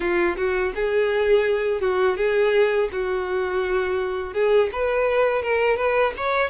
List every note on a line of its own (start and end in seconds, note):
0.00 0.36 F4
0.36 0.73 F#4
0.75 1.80 G#4
1.80 2.17 F#4
2.17 2.89 G#4
2.91 4.33 F#4
4.33 4.69 G#4
4.72 5.42 B4
5.42 5.76 A#4
5.76 6.12 B4
6.16 6.50 C#5